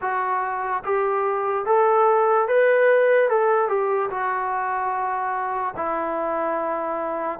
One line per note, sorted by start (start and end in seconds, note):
0.01 0.83 F#4
0.84 1.65 G4
1.65 2.47 A4
2.48 3.29 B4
3.29 3.68 A4
3.68 4.09 G4
4.10 5.74 F#4
5.76 7.39 E4